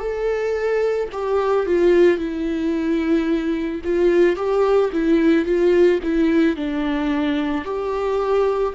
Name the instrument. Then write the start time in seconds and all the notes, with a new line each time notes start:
viola
0.00 A4
1.13 G4
1.67 F4
2.18 E4
3.84 F4
4.36 G4
4.93 E4
5.45 F4
6.03 E4
6.57 D4
7.65 G4